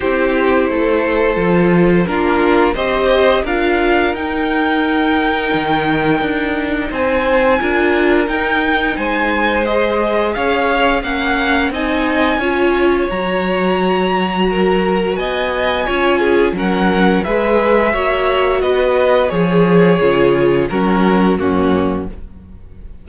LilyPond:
<<
  \new Staff \with { instrumentName = "violin" } { \time 4/4 \tempo 4 = 87 c''2. ais'4 | dis''4 f''4 g''2~ | g''2 gis''2 | g''4 gis''4 dis''4 f''4 |
fis''4 gis''2 ais''4~ | ais''2 gis''2 | fis''4 e''2 dis''4 | cis''2 ais'4 fis'4 | }
  \new Staff \with { instrumentName = "violin" } { \time 4/4 g'4 a'2 f'4 | c''4 ais'2.~ | ais'2 c''4 ais'4~ | ais'4 c''2 cis''4 |
f''4 dis''4 cis''2~ | cis''4 ais'4 dis''4 cis''8 gis'8 | ais'4 b'4 cis''4 b'4 | gis'2 fis'4 cis'4 | }
  \new Staff \with { instrumentName = "viola" } { \time 4/4 e'2 f'4 d'4 | g'4 f'4 dis'2~ | dis'2. f'4 | dis'2 gis'2 |
cis'4 dis'4 f'4 fis'4~ | fis'2. f'4 | cis'4 gis'4 fis'2 | gis'4 f'4 cis'4 ais4 | }
  \new Staff \with { instrumentName = "cello" } { \time 4/4 c'4 a4 f4 ais4 | c'4 d'4 dis'2 | dis4 d'4 c'4 d'4 | dis'4 gis2 cis'4 |
ais4 c'4 cis'4 fis4~ | fis2 b4 cis'4 | fis4 gis4 ais4 b4 | f4 cis4 fis4 fis,4 | }
>>